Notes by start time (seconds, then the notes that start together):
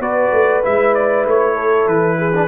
0.00 B3 F#4 B4 D5
0.33 A3
0.63 G#3 E4 E5
0.95 D5
1.26 A3 C#5
1.56 A4
1.87 E3 B4
2.19 G#4
2.35 D4